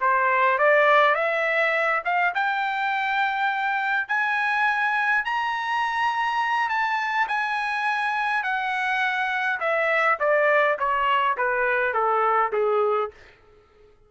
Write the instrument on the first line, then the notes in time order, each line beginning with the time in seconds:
trumpet
0.00 C5
0.58 D5
1.14 E5
2.04 F5
2.34 G5
4.08 G#5
5.24 A#5
6.69 A5
7.28 G#5
8.43 F#5
9.60 E5
10.19 D5
10.78 C#5
11.37 B4
11.93 A4
12.52 G#4